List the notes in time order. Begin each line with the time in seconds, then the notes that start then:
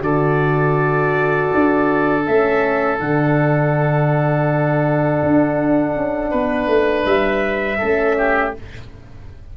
0.00 D3 F#4 A4 D5
1.54 D4
2.26 A3 C#4 E5
2.99 D3 D4 F#5
5.22 D4
5.95 C#4
6.30 B3 B4
6.67 A3
7.05 G3 E5
7.78 A3 C#4 A4
8.18 G4